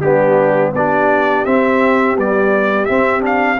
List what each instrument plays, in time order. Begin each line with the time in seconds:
0.00 tuba G3, trombone B3, horn D4, trumpet G4
0.73 tuba B3, trombone D4, horn G4, trumpet D5
1.45 trombone C4, tuba C4, trumpet E5
2.16 trombone G3, tuba B3, trumpet D5
2.85 trombone C4, tuba C4, trumpet E5
3.20 trombone D4, trumpet F5